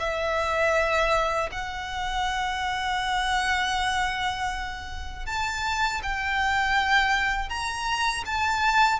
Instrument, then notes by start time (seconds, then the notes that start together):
violin
0.00 E5
1.52 F#5
5.26 A5
6.03 G5
7.49 A#5
8.26 A5